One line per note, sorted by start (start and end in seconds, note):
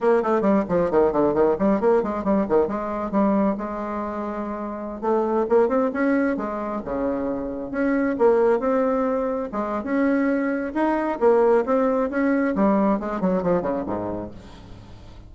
0.00 0.22 A#3
0.22 0.41 A3
0.41 0.63 G3
0.68 0.90 F3
0.90 1.12 D#3
1.12 1.34 D3
1.34 1.56 D#3
1.59 1.80 G3
1.80 2.03 A#3
2.03 2.24 G#3
2.24 2.46 G3
2.48 2.67 D#3
2.67 3.11 G#3
3.11 3.56 G3
3.57 5.01 G#3
5.01 5.45 A3
5.49 5.68 A#3
5.68 5.90 C4
5.93 6.37 C#4
6.37 6.81 G#3
6.84 7.71 C#3
7.71 8.16 C#4
8.18 8.59 A#3
8.59 9.49 C4
9.52 9.83 G#3
9.83 10.73 C#4
10.74 11.18 D#4
11.20 11.64 A#3
11.65 12.10 C4
12.10 12.54 C#4
12.55 12.99 G3
12.99 13.20 G#3
13.20 13.42 F#3
13.42 13.62 F3
13.62 13.84 C#3
13.86 14.31 G#2